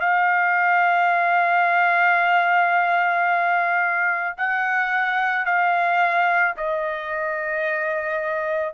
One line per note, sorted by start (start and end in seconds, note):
0.00 4.36 F5
4.37 5.45 F#5
5.45 6.55 F5
6.57 8.73 D#5